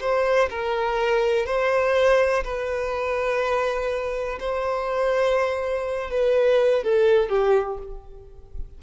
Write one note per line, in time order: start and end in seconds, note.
0.00 0.49 C5
0.49 1.46 A#4
1.46 2.43 C5
2.43 4.39 B4
4.39 6.10 C5
6.10 6.83 B4
6.83 7.29 A4
7.29 7.77 G4